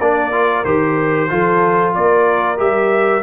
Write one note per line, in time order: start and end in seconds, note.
0.00 0.65 A#3
0.00 0.33 D4
0.00 1.32 A#4
0.00 0.65 D5
0.33 0.65 F4
0.65 1.30 D#3
0.65 1.30 G4
0.65 1.94 C5
1.30 1.96 F3
1.30 2.57 F4
1.30 1.96 A4
1.95 2.60 A#3
1.95 3.23 A#4
1.95 2.59 D5
2.57 3.23 G3
2.57 3.22 G4
2.57 3.23 E5